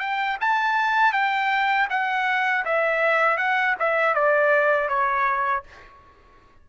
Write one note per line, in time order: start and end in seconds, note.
0.00 0.38 G5
0.41 1.13 A5
1.13 1.88 G5
1.90 2.65 F#5
2.65 3.38 E5
3.38 3.75 F#5
3.79 4.15 E5
4.15 4.89 D5
4.89 5.64 C#5